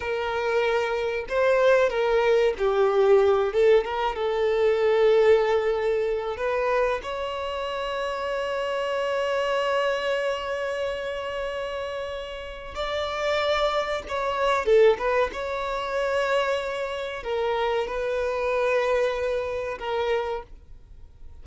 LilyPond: \new Staff \with { instrumentName = "violin" } { \time 4/4 \tempo 4 = 94 ais'2 c''4 ais'4 | g'4. a'8 ais'8 a'4.~ | a'2 b'4 cis''4~ | cis''1~ |
cis''1 | d''2 cis''4 a'8 b'8 | cis''2. ais'4 | b'2. ais'4 | }